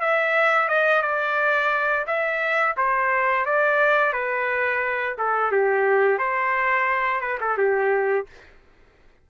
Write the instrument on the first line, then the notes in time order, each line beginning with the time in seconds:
trumpet
0.00 E5
0.68 D#5
1.02 D5
2.06 E5
2.76 C5
3.45 D5
4.13 B4
5.18 A4
5.51 G4
6.18 C5
7.21 B4
7.40 A4
7.57 G4